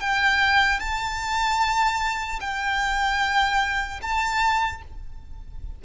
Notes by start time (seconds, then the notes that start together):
0.00 G5
0.80 A5
2.41 G5
4.02 A5